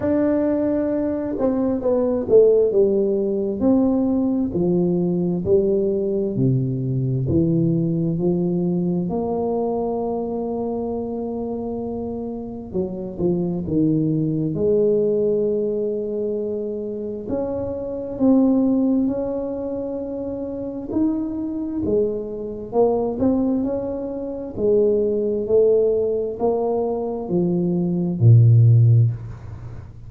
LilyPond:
\new Staff \with { instrumentName = "tuba" } { \time 4/4 \tempo 4 = 66 d'4. c'8 b8 a8 g4 | c'4 f4 g4 c4 | e4 f4 ais2~ | ais2 fis8 f8 dis4 |
gis2. cis'4 | c'4 cis'2 dis'4 | gis4 ais8 c'8 cis'4 gis4 | a4 ais4 f4 ais,4 | }